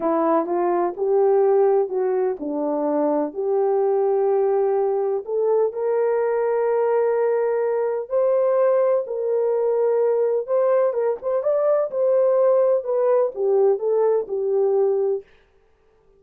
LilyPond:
\new Staff \with { instrumentName = "horn" } { \time 4/4 \tempo 4 = 126 e'4 f'4 g'2 | fis'4 d'2 g'4~ | g'2. a'4 | ais'1~ |
ais'4 c''2 ais'4~ | ais'2 c''4 ais'8 c''8 | d''4 c''2 b'4 | g'4 a'4 g'2 | }